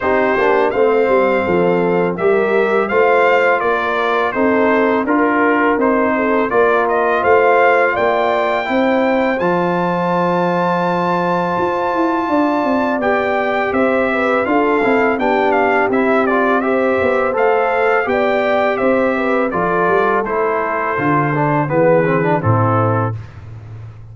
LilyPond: <<
  \new Staff \with { instrumentName = "trumpet" } { \time 4/4 \tempo 4 = 83 c''4 f''2 e''4 | f''4 d''4 c''4 ais'4 | c''4 d''8 dis''8 f''4 g''4~ | g''4 a''2.~ |
a''2 g''4 e''4 | f''4 g''8 f''8 e''8 d''8 e''4 | f''4 g''4 e''4 d''4 | c''2 b'4 a'4 | }
  \new Staff \with { instrumentName = "horn" } { \time 4/4 g'4 c''4 a'4 ais'4 | c''4 ais'4 a'4 ais'4~ | ais'8 a'8 ais'4 c''4 d''4 | c''1~ |
c''4 d''2 c''8 b'8 | a'4 g'2 c''4~ | c''4 d''4 c''8 b'8 a'4~ | a'2 gis'4 e'4 | }
  \new Staff \with { instrumentName = "trombone" } { \time 4/4 dis'8 d'8 c'2 g'4 | f'2 dis'4 f'4 | dis'4 f'2. | e'4 f'2.~ |
f'2 g'2 | f'8 e'8 d'4 e'8 f'8 g'4 | a'4 g'2 f'4 | e'4 f'8 d'8 b8 c'16 d'16 c'4 | }
  \new Staff \with { instrumentName = "tuba" } { \time 4/4 c'8 ais8 a8 g8 f4 g4 | a4 ais4 c'4 d'4 | c'4 ais4 a4 ais4 | c'4 f2. |
f'8 e'8 d'8 c'8 b4 c'4 | d'8 c'8 b4 c'4. b8 | a4 b4 c'4 f8 g8 | a4 d4 e4 a,4 | }
>>